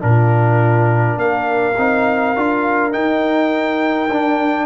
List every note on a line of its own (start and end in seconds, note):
0.00 1.17 A#2
0.00 1.75 D4
0.00 1.19 F4
0.00 1.19 A#4
1.17 1.75 A#3
1.17 4.66 A#4
1.17 2.93 F5
1.78 2.36 C4
1.78 2.36 D#4
2.36 2.95 D4
2.36 2.93 F4
2.93 4.09 D#4
2.93 4.10 D#4
2.93 4.66 G5
4.10 4.66 D4